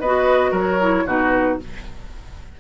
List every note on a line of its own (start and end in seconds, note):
0.00 0.52 B3
0.00 0.80 F#4
0.00 0.51 B4
0.00 0.53 D#5
0.51 1.04 F#3
0.51 1.04 A#4
0.51 1.08 C#5
0.80 1.07 E4
1.06 1.59 B2
1.06 1.59 D#4
1.06 1.59 F#4
1.06 1.60 B4